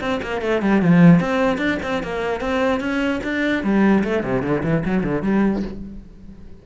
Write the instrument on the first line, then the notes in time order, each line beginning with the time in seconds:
cello
0.00 C4
0.22 A#3
0.41 A3
0.62 G3
0.81 F3
1.20 C4
1.57 D4
1.82 C4
2.03 A#3
2.40 C4
2.80 C#4
3.23 D4
3.63 G3
4.03 A3
4.23 C3
4.42 D3
4.63 E3
4.85 F#3
5.03 D3
5.22 G3